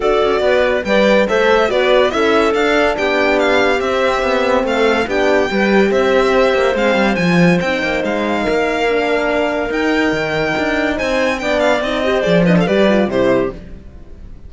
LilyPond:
<<
  \new Staff \with { instrumentName = "violin" } { \time 4/4 \tempo 4 = 142 d''2 g''4 e''4 | d''4 e''4 f''4 g''4 | f''4 e''2 f''4 | g''2 e''2 |
f''4 gis''4 g''4 f''4~ | f''2. g''4~ | g''2 gis''4 g''8 f''8 | dis''4 d''8 dis''16 f''16 d''4 c''4 | }
  \new Staff \with { instrumentName = "clarinet" } { \time 4/4 a'4 b'4 d''4 c''4 | b'4 a'2 g'4~ | g'2. a'4 | g'4 b'4 c''2~ |
c''1 | ais'1~ | ais'2 c''4 d''4~ | d''8 c''4 b'16 a'16 b'4 g'4 | }
  \new Staff \with { instrumentName = "horn" } { \time 4/4 fis'2 b'4 a'4 | fis'4 e'4 d'2~ | d'4 c'2. | d'4 g'2. |
c'4 f'4 dis'2~ | dis'4 d'2 dis'4~ | dis'2. d'4 | dis'8 g'8 gis'8 d'8 g'8 f'8 e'4 | }
  \new Staff \with { instrumentName = "cello" } { \time 4/4 d'8 cis'8 b4 g4 a4 | b4 cis'4 d'4 b4~ | b4 c'4 b4 a4 | b4 g4 c'4. ais8 |
gis8 g8 f4 c'8 ais8 gis4 | ais2. dis'4 | dis4 d'4 c'4 b4 | c'4 f4 g4 c4 | }
>>